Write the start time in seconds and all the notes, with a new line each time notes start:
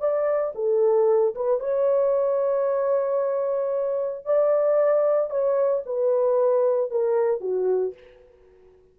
0.00 D5
0.55 A4
1.35 B4
1.60 C#5
4.26 D5
5.30 C#5
5.86 B4
6.91 A#4
7.41 F#4